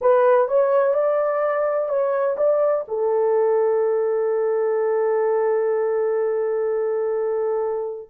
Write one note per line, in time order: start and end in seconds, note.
0.01 0.47 B4
0.47 0.94 C#5
0.94 1.88 D5
1.88 2.36 C#5
2.37 2.84 D5
2.87 8.09 A4